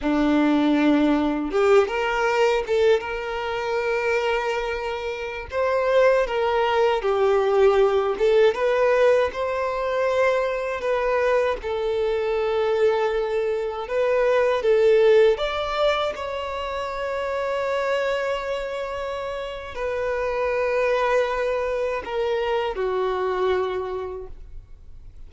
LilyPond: \new Staff \with { instrumentName = "violin" } { \time 4/4 \tempo 4 = 79 d'2 g'8 ais'4 a'8 | ais'2.~ ais'16 c''8.~ | c''16 ais'4 g'4. a'8 b'8.~ | b'16 c''2 b'4 a'8.~ |
a'2~ a'16 b'4 a'8.~ | a'16 d''4 cis''2~ cis''8.~ | cis''2 b'2~ | b'4 ais'4 fis'2 | }